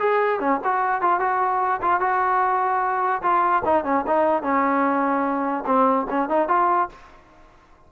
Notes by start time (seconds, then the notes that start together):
0.00 G#4
0.41 C#4
0.65 F#4
1.02 F4
1.21 F#4
1.82 F4
2.01 F#4
3.23 F4
3.65 D#4
3.85 C#4
4.07 D#4
4.43 C#4
5.66 C4
6.10 C#4
6.30 D#4
6.49 F4